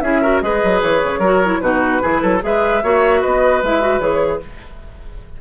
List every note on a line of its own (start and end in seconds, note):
0.00 0.41 C#4
0.00 0.23 E4
0.00 0.21 G#4
0.00 0.40 E5
0.21 0.42 F#4
0.21 0.41 A#4
0.40 0.62 G#3
0.40 1.22 G#4
0.40 1.19 B4
0.40 0.80 D#5
0.63 0.82 F#3
0.82 1.02 E3
0.82 1.61 C#5
1.03 1.19 C#3
1.19 1.59 F#3
1.19 1.44 F#4
1.19 1.59 A#4
1.44 1.62 E4
1.61 2.02 B2
1.61 2.02 D#4
1.61 2.02 F#4
1.61 2.41 B4
2.02 2.22 E3
2.02 2.40 E4
2.02 2.21 G#4
2.21 2.42 F#3
2.21 2.41 A4
2.40 2.83 G#3
2.40 2.80 G#4
2.40 2.83 B4
2.40 3.22 E5
2.83 3.23 A#3
2.83 3.63 F#4
2.83 3.21 C#5
3.21 3.62 B3
3.21 4.41 B4
3.21 3.62 D#5
3.62 3.99 G#3
3.62 3.81 E4
3.62 4.00 E5
3.81 4.00 F#4
3.99 4.39 E3
3.99 4.40 G#4
3.99 4.40 C#5